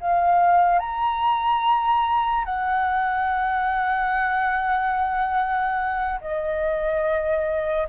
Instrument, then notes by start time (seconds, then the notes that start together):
flute
0.00 F5
0.79 A#5
2.44 F#5
6.21 D#5